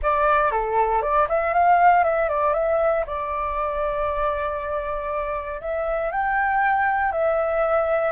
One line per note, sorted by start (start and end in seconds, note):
0.02 0.51 D5
0.51 1.02 A4
1.02 1.27 D5
1.28 1.53 E5
1.53 2.03 F5
2.03 2.28 E5
2.28 2.53 D5
2.53 3.04 E5
3.06 5.60 D5
5.60 6.11 E5
6.11 7.12 G5
7.12 8.12 E5